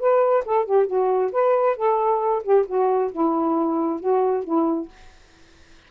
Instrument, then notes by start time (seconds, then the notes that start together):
saxophone
0.00 B4
0.45 A4
0.66 G4
0.87 F#4
1.33 B4
1.77 A4
2.43 G4
2.67 F#4
3.12 E4
4.00 F#4
4.44 E4